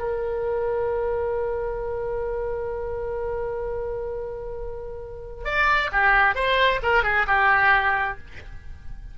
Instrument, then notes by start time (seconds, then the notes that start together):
oboe
0.00 A#4
5.45 D5
5.93 G4
6.35 C5
6.83 A#4
7.04 G#4
7.27 G4